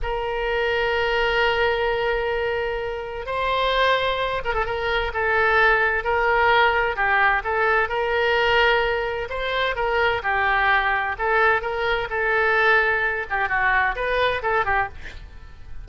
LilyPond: \new Staff \with { instrumentName = "oboe" } { \time 4/4 \tempo 4 = 129 ais'1~ | ais'2. c''4~ | c''4. ais'16 a'16 ais'4 a'4~ | a'4 ais'2 g'4 |
a'4 ais'2. | c''4 ais'4 g'2 | a'4 ais'4 a'2~ | a'8 g'8 fis'4 b'4 a'8 g'8 | }